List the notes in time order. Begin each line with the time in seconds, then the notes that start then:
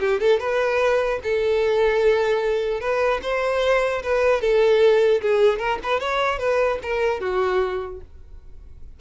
0.00 G4
0.20 A4
0.40 B4
1.23 A4
2.80 B4
3.23 C5
4.03 B4
4.41 A4
5.21 G#4
5.59 A#4
5.83 B4
6.00 C#5
6.39 B4
6.82 A#4
7.20 F#4